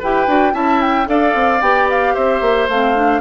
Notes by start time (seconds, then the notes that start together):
0.00 E4 G4 B4 G5
0.28 D4 F#4
0.53 C#4 E4 E5 A5
0.81 G5
1.06 D4 A4 D5 F5
1.35 C4
1.61 B3 G4 G5
1.90 F5
2.15 C4 C5 E5
2.42 A#3
2.69 A3 C4 F5
2.96 D4